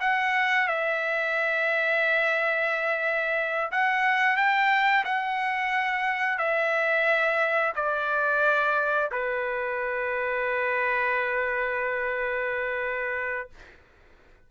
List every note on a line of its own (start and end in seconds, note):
0.00 0.67 F#5
0.67 3.71 E5
3.71 4.36 F#5
4.36 5.04 G5
5.04 6.38 F#5
6.38 7.73 E5
7.75 9.10 D5
9.11 13.49 B4